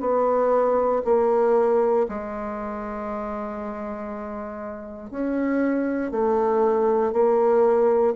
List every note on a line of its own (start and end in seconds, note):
0.00 1.02 B3
1.04 2.06 A#3
2.08 5.10 G#3
5.10 6.11 C#4
6.11 7.12 A3
7.12 8.14 A#3